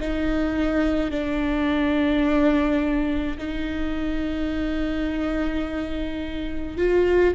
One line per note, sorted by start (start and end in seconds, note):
0.00 1.11 D#4
1.11 3.38 D4
3.38 6.78 D#4
6.78 7.34 F4